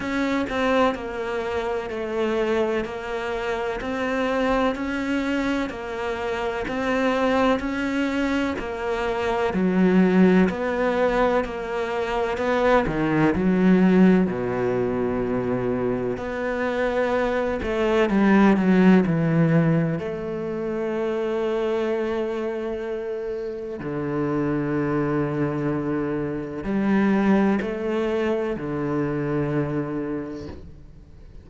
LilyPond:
\new Staff \with { instrumentName = "cello" } { \time 4/4 \tempo 4 = 63 cis'8 c'8 ais4 a4 ais4 | c'4 cis'4 ais4 c'4 | cis'4 ais4 fis4 b4 | ais4 b8 dis8 fis4 b,4~ |
b,4 b4. a8 g8 fis8 | e4 a2.~ | a4 d2. | g4 a4 d2 | }